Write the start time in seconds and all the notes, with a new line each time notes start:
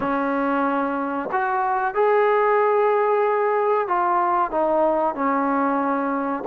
0.00 C#4
1.32 F#4
1.94 G#4
3.87 F4
4.51 D#4
5.14 C#4